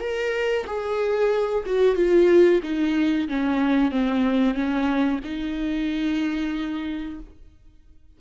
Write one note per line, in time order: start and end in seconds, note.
0.00 0.65 A#4
0.66 1.64 G#4
1.66 1.96 F#4
1.96 2.61 F4
2.63 3.28 D#4
3.28 3.91 C#4
3.91 4.55 C4
4.55 5.20 C#4
5.24 7.20 D#4